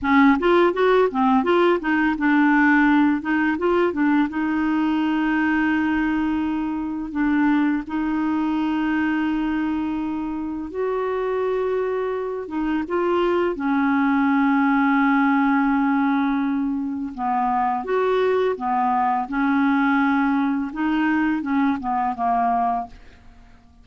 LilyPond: \new Staff \with { instrumentName = "clarinet" } { \time 4/4 \tempo 4 = 84 cis'8 f'8 fis'8 c'8 f'8 dis'8 d'4~ | d'8 dis'8 f'8 d'8 dis'2~ | dis'2 d'4 dis'4~ | dis'2. fis'4~ |
fis'4. dis'8 f'4 cis'4~ | cis'1 | b4 fis'4 b4 cis'4~ | cis'4 dis'4 cis'8 b8 ais4 | }